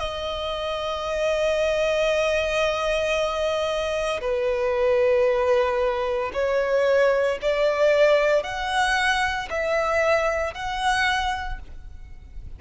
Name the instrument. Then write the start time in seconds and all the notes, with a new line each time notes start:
violin
0.00 D#5
4.22 B4
6.33 C#5
7.42 D5
8.44 F#5
9.50 E5
10.55 F#5